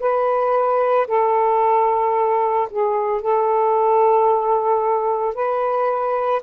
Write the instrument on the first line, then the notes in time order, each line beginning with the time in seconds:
saxophone
0.00 B4
1.08 A4
2.70 G#4
3.21 A4
5.35 B4